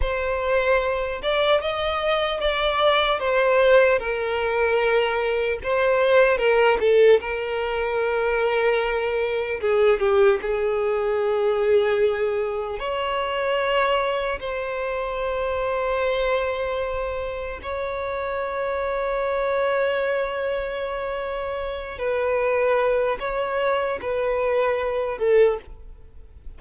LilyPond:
\new Staff \with { instrumentName = "violin" } { \time 4/4 \tempo 4 = 75 c''4. d''8 dis''4 d''4 | c''4 ais'2 c''4 | ais'8 a'8 ais'2. | gis'8 g'8 gis'2. |
cis''2 c''2~ | c''2 cis''2~ | cis''2.~ cis''8 b'8~ | b'4 cis''4 b'4. a'8 | }